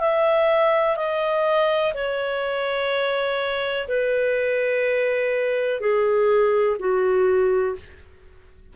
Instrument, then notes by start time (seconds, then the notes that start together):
clarinet
0.00 E5
0.97 D#5
1.94 C#5
3.88 B4
5.81 G#4
6.79 F#4